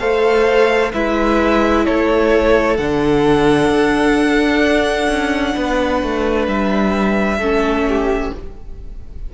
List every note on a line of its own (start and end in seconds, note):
0.00 0.92 A3
0.00 0.92 A4
0.00 0.93 C5
0.00 0.92 F5
0.93 1.87 G#3
0.93 2.79 E4
0.93 1.85 B4
0.93 1.86 E5
1.85 2.78 A3
1.85 5.55 A4
1.85 2.77 C#5
2.77 3.70 D3
2.77 7.41 D4
2.77 6.47 F#5
3.70 5.08 D4
5.09 5.55 C#4
5.55 6.03 B3
5.55 7.39 B4
6.03 6.48 A3
6.48 7.38 G3
6.48 8.33 E5
7.38 8.31 A3
7.38 8.33 C#4
7.38 7.85 A4
7.89 8.35 G4